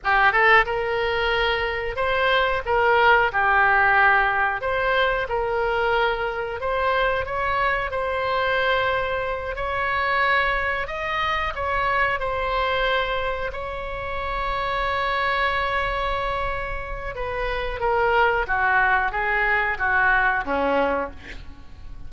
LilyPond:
\new Staff \with { instrumentName = "oboe" } { \time 4/4 \tempo 4 = 91 g'8 a'8 ais'2 c''4 | ais'4 g'2 c''4 | ais'2 c''4 cis''4 | c''2~ c''8 cis''4.~ |
cis''8 dis''4 cis''4 c''4.~ | c''8 cis''2.~ cis''8~ | cis''2 b'4 ais'4 | fis'4 gis'4 fis'4 cis'4 | }